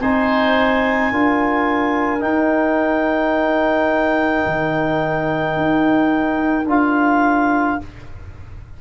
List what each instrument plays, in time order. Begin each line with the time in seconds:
0.00 tuba C4, trombone D#4, oboe C5, clarinet G#5
1.12 tuba D4, trombone F4, oboe A#4
2.20 trombone D#4, tuba D#4, clarinet G5
4.46 tuba D#3
5.56 tuba D#4
6.66 tuba D4, trombone F4, clarinet F5